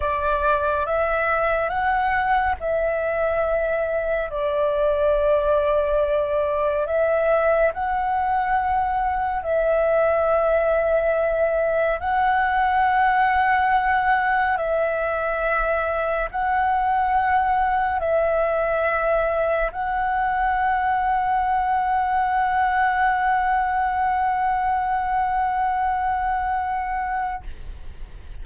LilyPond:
\new Staff \with { instrumentName = "flute" } { \time 4/4 \tempo 4 = 70 d''4 e''4 fis''4 e''4~ | e''4 d''2. | e''4 fis''2 e''4~ | e''2 fis''2~ |
fis''4 e''2 fis''4~ | fis''4 e''2 fis''4~ | fis''1~ | fis''1 | }